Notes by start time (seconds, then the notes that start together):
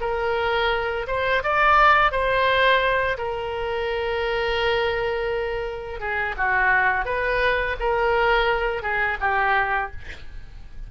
0.00 A#4
1.07 C5
1.43 D5
2.11 C5
3.17 A#4
6.00 G#4
6.37 F#4
7.05 B4
7.79 A#4
8.82 G#4
9.20 G4